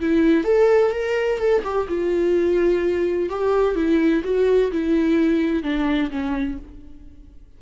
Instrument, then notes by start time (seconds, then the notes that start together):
viola
0.00 E4
0.44 A4
0.91 A#4
1.38 A4
1.64 G4
1.88 F4
3.29 G4
3.75 E4
4.24 F#4
4.72 E4
5.63 D4
6.11 C#4